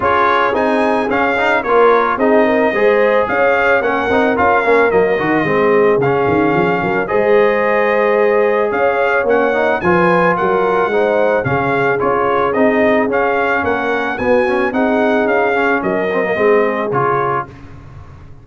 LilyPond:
<<
  \new Staff \with { instrumentName = "trumpet" } { \time 4/4 \tempo 4 = 110 cis''4 gis''4 f''4 cis''4 | dis''2 f''4 fis''4 | f''4 dis''2 f''4~ | f''4 dis''2. |
f''4 fis''4 gis''4 fis''4~ | fis''4 f''4 cis''4 dis''4 | f''4 fis''4 gis''4 fis''4 | f''4 dis''2 cis''4 | }
  \new Staff \with { instrumentName = "horn" } { \time 4/4 gis'2. ais'4 | gis'8 ais'8 c''4 cis''4 ais'4~ | ais'2 gis'2~ | gis'8 ais'8 c''2. |
cis''2 b'4 ais'4 | c''4 gis'2.~ | gis'4 ais'4 fis'4 gis'4~ | gis'4 ais'4 gis'2 | }
  \new Staff \with { instrumentName = "trombone" } { \time 4/4 f'4 dis'4 cis'8 dis'8 f'4 | dis'4 gis'2 cis'8 dis'8 | f'8 cis'8 ais8 fis'8 c'4 cis'4~ | cis'4 gis'2.~ |
gis'4 cis'8 dis'8 f'2 | dis'4 cis'4 f'4 dis'4 | cis'2 b8 cis'8 dis'4~ | dis'8 cis'4 c'16 ais16 c'4 f'4 | }
  \new Staff \with { instrumentName = "tuba" } { \time 4/4 cis'4 c'4 cis'4 ais4 | c'4 gis4 cis'4 ais8 c'8 | cis'8 ais8 fis8 dis8 gis4 cis8 dis8 | f8 fis8 gis2. |
cis'4 ais4 f4 fis4 | gis4 cis4 cis'4 c'4 | cis'4 ais4 b4 c'4 | cis'4 fis4 gis4 cis4 | }
>>